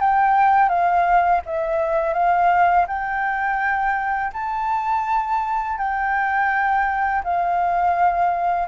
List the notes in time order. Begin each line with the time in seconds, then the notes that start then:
0.00 G5
0.69 F5
1.46 E5
2.13 F5
2.87 G5
4.33 A5
5.78 G5
7.24 F5